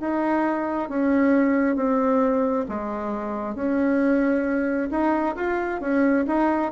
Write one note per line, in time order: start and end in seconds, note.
0.00 0.89 D#4
0.89 1.75 C#4
1.75 2.65 C4
2.69 3.55 G#3
3.55 4.89 C#4
4.91 5.35 D#4
5.36 5.80 F4
5.80 6.25 C#4
6.27 6.72 D#4